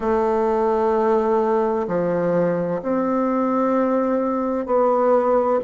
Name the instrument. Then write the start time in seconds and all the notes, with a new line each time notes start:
bassoon
0.00 A3
1.87 F3
2.82 C4
4.65 B3